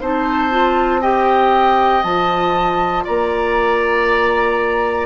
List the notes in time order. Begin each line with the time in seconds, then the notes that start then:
0.00 C4 D#4 C5 A5
0.50 F4
1.01 G4 D#5 G5
2.03 F3 F4 A5
3.04 A#3 D5 A#5